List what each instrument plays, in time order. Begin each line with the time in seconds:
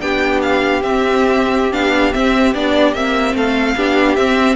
0.00 cello B3, viola D4, violin G4 G5
0.42 violin F5
0.82 viola C4, cello C4, violin E5
1.72 cello B3, viola D4, violin F5
2.12 viola C4, cello C4, violin E5
2.54 cello B3, viola D4, violin D5
2.93 cello A#3, viola C4, violin E5
3.34 cello A3, violin A4 F5
3.76 cello B3, viola D4, violin G4
4.15 cello C4, viola C4, violin E5